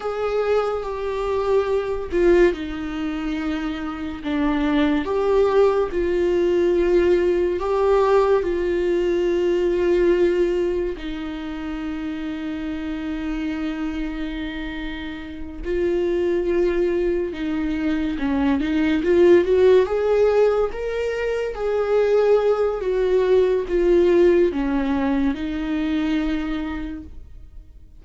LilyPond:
\new Staff \with { instrumentName = "viola" } { \time 4/4 \tempo 4 = 71 gis'4 g'4. f'8 dis'4~ | dis'4 d'4 g'4 f'4~ | f'4 g'4 f'2~ | f'4 dis'2.~ |
dis'2~ dis'8 f'4.~ | f'8 dis'4 cis'8 dis'8 f'8 fis'8 gis'8~ | gis'8 ais'4 gis'4. fis'4 | f'4 cis'4 dis'2 | }